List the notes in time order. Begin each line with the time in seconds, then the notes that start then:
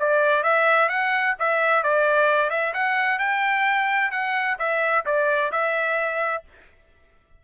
0.00 D5
0.44 E5
0.90 F#5
1.40 E5
1.84 D5
2.50 E5
2.74 F#5
3.20 G5
4.12 F#5
4.59 E5
5.06 D5
5.52 E5